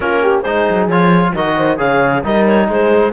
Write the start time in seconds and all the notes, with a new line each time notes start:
0.00 A#3 C#4 F4 A#4
0.22 G4
0.41 G#3 D#4 G#4 C5
0.70 F#3
0.87 F3 F4 C#5
1.35 D#3 F#4 A#4 D#5
1.57 C5
1.77 C#3 G#4 C#5 F5
2.23 G3 D#4 A#4 D#5
2.46 C#5
2.67 G#3 G#4 C5